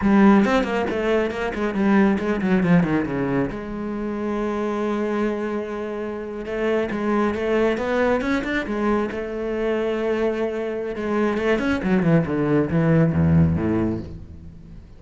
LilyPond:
\new Staff \with { instrumentName = "cello" } { \time 4/4 \tempo 4 = 137 g4 c'8 ais8 a4 ais8 gis8 | g4 gis8 fis8 f8 dis8 cis4 | gis1~ | gis2~ gis8. a4 gis16~ |
gis8. a4 b4 cis'8 d'8 gis16~ | gis8. a2.~ a16~ | a4 gis4 a8 cis'8 fis8 e8 | d4 e4 e,4 a,4 | }